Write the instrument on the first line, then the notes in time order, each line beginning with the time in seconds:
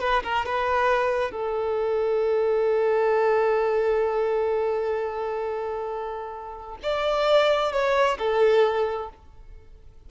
violin
0.00 B4
0.23 A#4
0.46 B4
1.31 A4
6.83 D5
7.72 C#5
8.18 A4